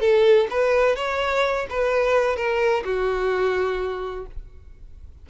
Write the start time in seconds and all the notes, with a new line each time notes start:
0.00 A4
0.50 B4
0.96 C#5
1.70 B4
2.36 A#4
2.85 F#4